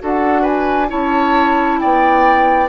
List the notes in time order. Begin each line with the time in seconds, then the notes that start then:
0.00 D4 F#4 A4 F#5
0.42 B4 G#5
0.88 C#4 E4 C#5 A5
1.79 B3 D5 G5